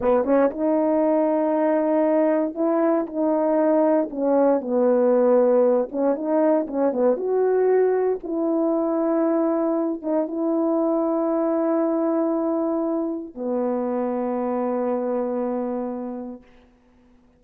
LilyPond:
\new Staff \with { instrumentName = "horn" } { \time 4/4 \tempo 4 = 117 b8 cis'8 dis'2.~ | dis'4 e'4 dis'2 | cis'4 b2~ b8 cis'8 | dis'4 cis'8 b8 fis'2 |
e'2.~ e'8 dis'8 | e'1~ | e'2 b2~ | b1 | }